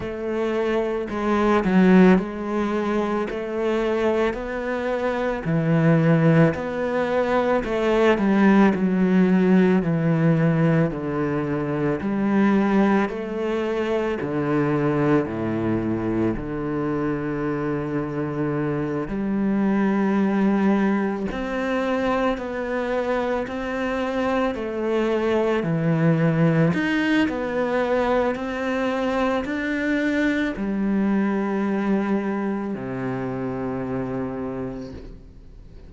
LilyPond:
\new Staff \with { instrumentName = "cello" } { \time 4/4 \tempo 4 = 55 a4 gis8 fis8 gis4 a4 | b4 e4 b4 a8 g8 | fis4 e4 d4 g4 | a4 d4 a,4 d4~ |
d4. g2 c'8~ | c'8 b4 c'4 a4 e8~ | e8 dis'8 b4 c'4 d'4 | g2 c2 | }